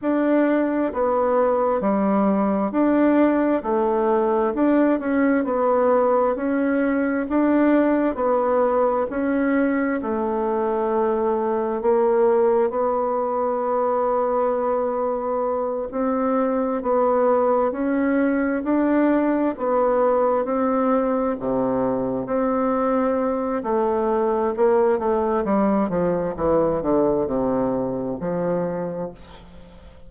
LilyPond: \new Staff \with { instrumentName = "bassoon" } { \time 4/4 \tempo 4 = 66 d'4 b4 g4 d'4 | a4 d'8 cis'8 b4 cis'4 | d'4 b4 cis'4 a4~ | a4 ais4 b2~ |
b4. c'4 b4 cis'8~ | cis'8 d'4 b4 c'4 c8~ | c8 c'4. a4 ais8 a8 | g8 f8 e8 d8 c4 f4 | }